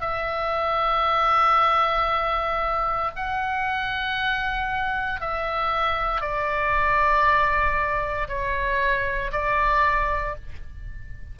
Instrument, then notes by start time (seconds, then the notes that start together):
oboe
0.00 E5
3.16 F#5
5.20 E5
6.21 D5
8.28 C#5
9.32 D5